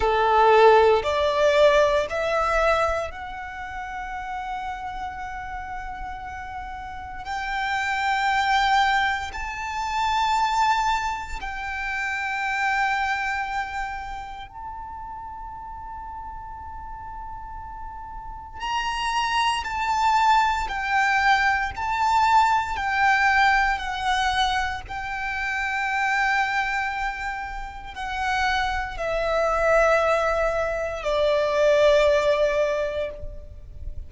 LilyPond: \new Staff \with { instrumentName = "violin" } { \time 4/4 \tempo 4 = 58 a'4 d''4 e''4 fis''4~ | fis''2. g''4~ | g''4 a''2 g''4~ | g''2 a''2~ |
a''2 ais''4 a''4 | g''4 a''4 g''4 fis''4 | g''2. fis''4 | e''2 d''2 | }